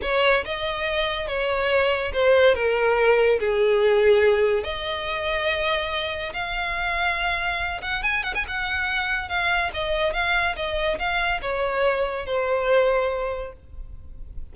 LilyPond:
\new Staff \with { instrumentName = "violin" } { \time 4/4 \tempo 4 = 142 cis''4 dis''2 cis''4~ | cis''4 c''4 ais'2 | gis'2. dis''4~ | dis''2. f''4~ |
f''2~ f''8 fis''8 gis''8 fis''16 gis''16 | fis''2 f''4 dis''4 | f''4 dis''4 f''4 cis''4~ | cis''4 c''2. | }